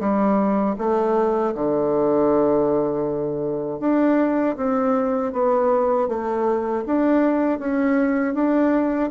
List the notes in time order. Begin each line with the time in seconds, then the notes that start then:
0.00 G3
0.78 A3
1.55 D3
3.80 D4
4.57 C4
5.33 B3
6.08 A3
6.87 D4
7.59 C#4
8.34 D4